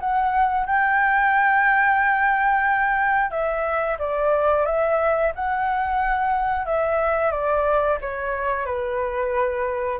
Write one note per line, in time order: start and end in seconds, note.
0.00 0.66 F#5
0.66 3.31 G5
3.31 3.97 E5
3.99 4.65 D5
4.66 5.32 E5
5.35 6.66 F#5
6.66 7.31 E5
7.31 7.98 D5
8.02 8.66 C#5
8.66 9.99 B4